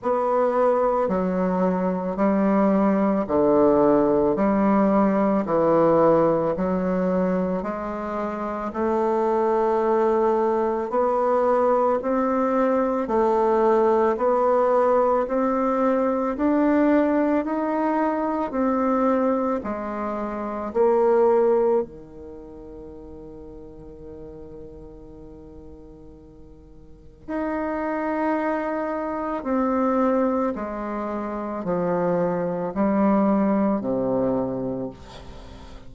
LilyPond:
\new Staff \with { instrumentName = "bassoon" } { \time 4/4 \tempo 4 = 55 b4 fis4 g4 d4 | g4 e4 fis4 gis4 | a2 b4 c'4 | a4 b4 c'4 d'4 |
dis'4 c'4 gis4 ais4 | dis1~ | dis4 dis'2 c'4 | gis4 f4 g4 c4 | }